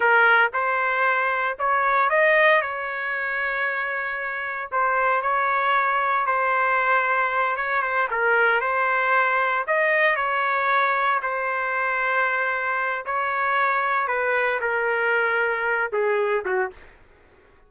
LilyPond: \new Staff \with { instrumentName = "trumpet" } { \time 4/4 \tempo 4 = 115 ais'4 c''2 cis''4 | dis''4 cis''2.~ | cis''4 c''4 cis''2 | c''2~ c''8 cis''8 c''8 ais'8~ |
ais'8 c''2 dis''4 cis''8~ | cis''4. c''2~ c''8~ | c''4 cis''2 b'4 | ais'2~ ais'8 gis'4 fis'8 | }